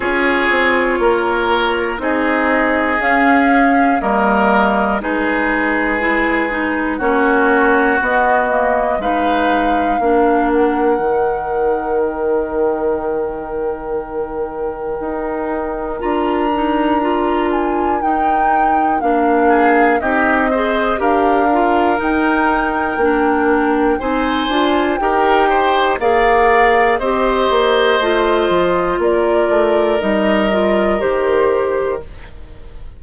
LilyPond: <<
  \new Staff \with { instrumentName = "flute" } { \time 4/4 \tempo 4 = 60 cis''2 dis''4 f''4 | dis''4 b'2 cis''4 | dis''4 f''4. fis''4. | g''1 |
ais''4. gis''8 g''4 f''4 | dis''4 f''4 g''2 | gis''4 g''4 f''4 dis''4~ | dis''4 d''4 dis''4 c''4 | }
  \new Staff \with { instrumentName = "oboe" } { \time 4/4 gis'4 ais'4 gis'2 | ais'4 gis'2 fis'4~ | fis'4 b'4 ais'2~ | ais'1~ |
ais'2.~ ais'8 gis'8 | g'8 c''8 ais'2. | c''4 ais'8 c''8 d''4 c''4~ | c''4 ais'2. | }
  \new Staff \with { instrumentName = "clarinet" } { \time 4/4 f'2 dis'4 cis'4 | ais4 dis'4 e'8 dis'8 cis'4 | b8 ais8 dis'4 d'4 dis'4~ | dis'1 |
f'8 dis'8 f'4 dis'4 d'4 | dis'8 gis'8 g'8 f'8 dis'4 d'4 | dis'8 f'8 g'4 gis'4 g'4 | f'2 dis'8 f'8 g'4 | }
  \new Staff \with { instrumentName = "bassoon" } { \time 4/4 cis'8 c'8 ais4 c'4 cis'4 | g4 gis2 ais4 | b4 gis4 ais4 dis4~ | dis2. dis'4 |
d'2 dis'4 ais4 | c'4 d'4 dis'4 ais4 | c'8 d'8 dis'4 ais4 c'8 ais8 | a8 f8 ais8 a8 g4 dis4 | }
>>